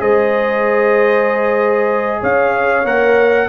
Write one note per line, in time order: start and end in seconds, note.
0.00 2.22 G#3
0.00 2.84 G#4
0.00 2.20 C5
0.00 2.22 D#5
2.20 2.84 C#4
2.20 3.46 C#5
2.20 2.86 F5
2.84 3.47 A#3
2.84 3.48 A#4
2.84 3.48 F#5